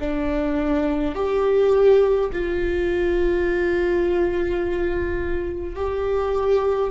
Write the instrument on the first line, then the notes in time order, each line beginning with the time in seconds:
viola
0.00 D4
1.15 G4
2.32 F4
5.76 G4